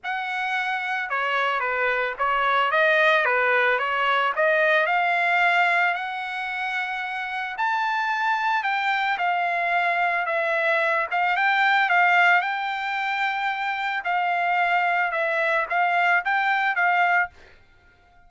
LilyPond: \new Staff \with { instrumentName = "trumpet" } { \time 4/4 \tempo 4 = 111 fis''2 cis''4 b'4 | cis''4 dis''4 b'4 cis''4 | dis''4 f''2 fis''4~ | fis''2 a''2 |
g''4 f''2 e''4~ | e''8 f''8 g''4 f''4 g''4~ | g''2 f''2 | e''4 f''4 g''4 f''4 | }